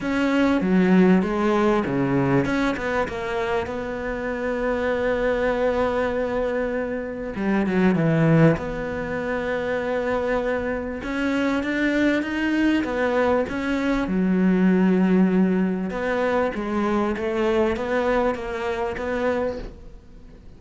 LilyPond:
\new Staff \with { instrumentName = "cello" } { \time 4/4 \tempo 4 = 98 cis'4 fis4 gis4 cis4 | cis'8 b8 ais4 b2~ | b1 | g8 fis8 e4 b2~ |
b2 cis'4 d'4 | dis'4 b4 cis'4 fis4~ | fis2 b4 gis4 | a4 b4 ais4 b4 | }